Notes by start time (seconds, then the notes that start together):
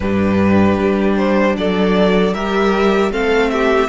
0.00 G2 D4 G4 B4
0.79 G3
1.17 C5
1.57 F#3 A4 D5
2.33 G3 G4 A#4 E5
3.10 A3 C4 A4 F5
3.50 G4 E5